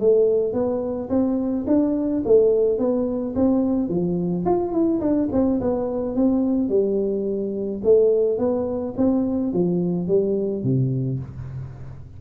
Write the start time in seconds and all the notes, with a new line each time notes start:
0.00 A3
0.53 B3
1.10 C4
1.67 D4
2.26 A3
2.79 B3
3.35 C4
3.89 F3
4.46 F4
4.73 E4
5.01 D4
5.32 C4
5.61 B3
6.15 C4
6.69 G3
7.84 A3
8.38 B3
8.97 C4
9.53 F3
10.08 G3
10.63 C3